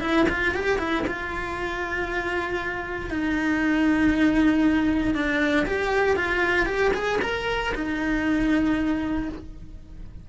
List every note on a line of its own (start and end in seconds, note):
0.00 0.26 E4
0.29 0.54 F4
0.54 0.78 G4
0.78 1.04 E4
1.07 3.10 F4
3.10 5.14 D#4
5.14 5.65 D4
5.66 6.16 G4
6.16 6.65 F4
6.65 6.91 G4
6.93 7.19 G#4
7.21 7.73 A#4
7.74 9.28 D#4